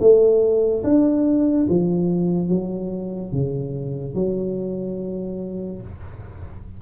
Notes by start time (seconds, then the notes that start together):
0.00 A3
0.83 D4
1.69 F3
2.49 F#3
3.32 C#3
4.15 F#3